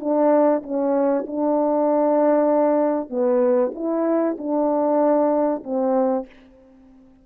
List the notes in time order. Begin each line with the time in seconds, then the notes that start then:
0.00 D4
0.63 C#4
1.27 D4
3.10 B3
3.74 E4
4.38 D4
5.64 C4